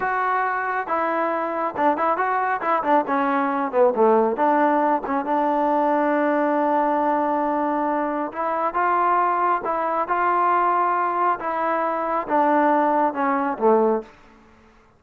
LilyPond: \new Staff \with { instrumentName = "trombone" } { \time 4/4 \tempo 4 = 137 fis'2 e'2 | d'8 e'8 fis'4 e'8 d'8 cis'4~ | cis'8 b8 a4 d'4. cis'8 | d'1~ |
d'2. e'4 | f'2 e'4 f'4~ | f'2 e'2 | d'2 cis'4 a4 | }